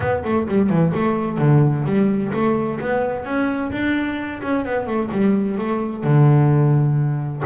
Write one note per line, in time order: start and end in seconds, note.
0.00 0.23 B3
0.24 0.47 A3
0.48 0.69 G3
0.69 0.93 E3
0.94 1.38 A3
1.38 1.84 D3
1.85 2.31 G3
2.33 2.79 A3
2.80 3.24 B3
3.24 3.71 C#4
3.71 4.41 D4
4.42 4.65 C#4
4.65 4.86 B3
4.86 5.10 A3
5.11 5.58 G3
5.58 6.03 A3
6.03 7.42 D3